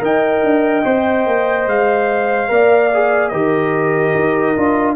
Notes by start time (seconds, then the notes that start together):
0.00 D#4 A#4 D#5 G5
0.44 D4
0.84 C4 C5
1.27 A#3
1.67 G#3 F5
2.49 A#3 A#4 D5
2.94 G#4
3.29 D#3 G4 A#4 D#5
4.15 D#4
4.57 D4 F4